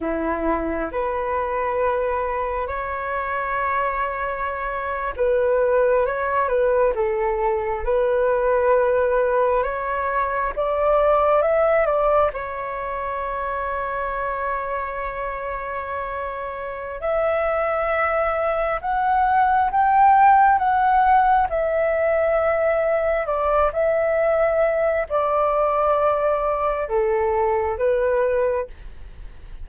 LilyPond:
\new Staff \with { instrumentName = "flute" } { \time 4/4 \tempo 4 = 67 e'4 b'2 cis''4~ | cis''4.~ cis''16 b'4 cis''8 b'8 a'16~ | a'8. b'2 cis''4 d''16~ | d''8. e''8 d''8 cis''2~ cis''16~ |
cis''2. e''4~ | e''4 fis''4 g''4 fis''4 | e''2 d''8 e''4. | d''2 a'4 b'4 | }